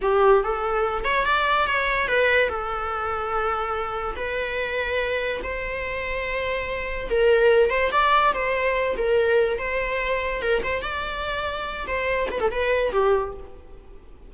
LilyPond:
\new Staff \with { instrumentName = "viola" } { \time 4/4 \tempo 4 = 144 g'4 a'4. cis''8 d''4 | cis''4 b'4 a'2~ | a'2 b'2~ | b'4 c''2.~ |
c''4 ais'4. c''8 d''4 | c''4. ais'4. c''4~ | c''4 ais'8 c''8 d''2~ | d''8 c''4 b'16 a'16 b'4 g'4 | }